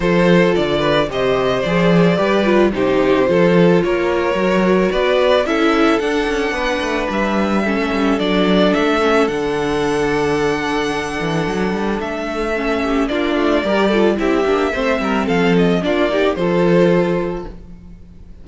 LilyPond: <<
  \new Staff \with { instrumentName = "violin" } { \time 4/4 \tempo 4 = 110 c''4 d''4 dis''4 d''4~ | d''4 c''2 cis''4~ | cis''4 d''4 e''4 fis''4~ | fis''4 e''2 d''4 |
e''4 fis''2.~ | fis''2 e''2 | d''2 e''2 | f''8 dis''8 d''4 c''2 | }
  \new Staff \with { instrumentName = "violin" } { \time 4/4 a'4. b'8 c''2 | b'4 g'4 a'4 ais'4~ | ais'4 b'4 a'2 | b'2 a'2~ |
a'1~ | a'2.~ a'8 g'8 | f'4 ais'8 a'8 g'4 c''8 ais'8 | a'4 f'8 g'8 a'2 | }
  \new Staff \with { instrumentName = "viola" } { \time 4/4 f'2 g'4 gis'4 | g'8 f'8 dis'4 f'2 | fis'2 e'4 d'4~ | d'2 cis'4 d'4~ |
d'8 cis'8 d'2.~ | d'2. cis'4 | d'4 g'8 f'8 e'8 d'8 c'4~ | c'4 d'8 dis'8 f'2 | }
  \new Staff \with { instrumentName = "cello" } { \time 4/4 f4 d4 c4 f4 | g4 c4 f4 ais4 | fis4 b4 cis'4 d'8 cis'8 | b8 a8 g4~ g16 a16 g8 fis4 |
a4 d2.~ | d8 e8 fis8 g8 a2 | ais8 a8 g4 c'8 ais8 a8 g8 | f4 ais4 f2 | }
>>